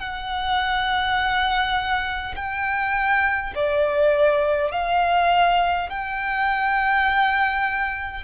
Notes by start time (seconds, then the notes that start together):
0.00 F#5
2.36 G5
3.56 D5
4.72 F5
5.90 G5